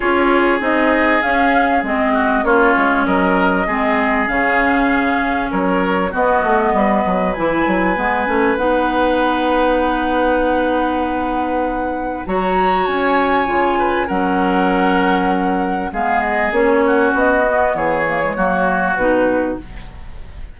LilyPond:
<<
  \new Staff \with { instrumentName = "flute" } { \time 4/4 \tempo 4 = 98 cis''4 dis''4 f''4 dis''4 | cis''4 dis''2 f''4~ | f''4 cis''4 dis''2 | gis''2 fis''2~ |
fis''1 | ais''4 gis''2 fis''4~ | fis''2 f''8 dis''8 cis''4 | dis''4 cis''2 b'4 | }
  \new Staff \with { instrumentName = "oboe" } { \time 4/4 gis'2.~ gis'8 fis'8 | f'4 ais'4 gis'2~ | gis'4 ais'4 fis'4 b'4~ | b'1~ |
b'1 | cis''2~ cis''8 b'8 ais'4~ | ais'2 gis'4. fis'8~ | fis'4 gis'4 fis'2 | }
  \new Staff \with { instrumentName = "clarinet" } { \time 4/4 f'4 dis'4 cis'4 c'4 | cis'2 c'4 cis'4~ | cis'2 b2 | e'4 b8 cis'8 dis'2~ |
dis'1 | fis'2 f'4 cis'4~ | cis'2 b4 cis'4~ | cis'8 b4 ais16 gis16 ais4 dis'4 | }
  \new Staff \with { instrumentName = "bassoon" } { \time 4/4 cis'4 c'4 cis'4 gis4 | ais8 gis8 fis4 gis4 cis4~ | cis4 fis4 b8 a8 g8 fis8 | e8 fis8 gis8 a8 b2~ |
b1 | fis4 cis'4 cis4 fis4~ | fis2 gis4 ais4 | b4 e4 fis4 b,4 | }
>>